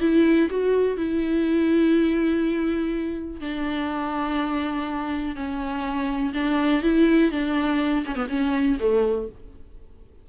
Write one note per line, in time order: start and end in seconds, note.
0.00 0.49 E4
0.50 0.97 F#4
0.97 3.40 E4
3.40 5.35 D4
5.35 6.33 C#4
6.34 6.82 D4
6.82 7.31 E4
7.31 8.04 D4
8.06 8.15 C#4
8.15 8.27 B3
8.29 8.78 C#4
8.80 9.28 A3